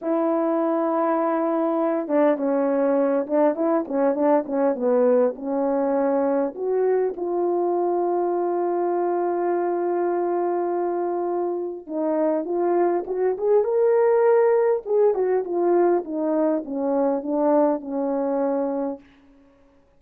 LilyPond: \new Staff \with { instrumentName = "horn" } { \time 4/4 \tempo 4 = 101 e'2.~ e'8 d'8 | cis'4. d'8 e'8 cis'8 d'8 cis'8 | b4 cis'2 fis'4 | f'1~ |
f'1 | dis'4 f'4 fis'8 gis'8 ais'4~ | ais'4 gis'8 fis'8 f'4 dis'4 | cis'4 d'4 cis'2 | }